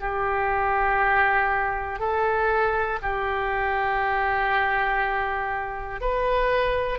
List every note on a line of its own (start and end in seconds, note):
0.00 1.99 G4
1.99 2.99 A4
3.02 6.00 G4
6.00 6.99 B4